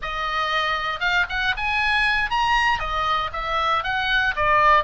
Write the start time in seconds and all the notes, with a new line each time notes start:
0.02 D#5
1.00 F5
1.29 F#5
1.56 G#5
2.30 A#5
2.79 D#5
3.32 E5
3.83 F#5
4.36 D5